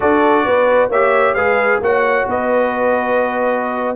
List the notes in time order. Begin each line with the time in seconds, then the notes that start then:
0.00 D4 F#4 A4 D5
0.45 B3 B4
0.89 A#3 G4 C#5 E5
1.34 G#3 G#4 B4 F5
1.80 A#3 F#4 C#5 F#5
2.27 B3 B4 D#5